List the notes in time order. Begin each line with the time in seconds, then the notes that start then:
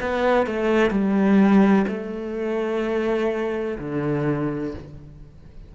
0.00 B3
0.46 A3
0.90 G3
1.87 A3
3.78 D3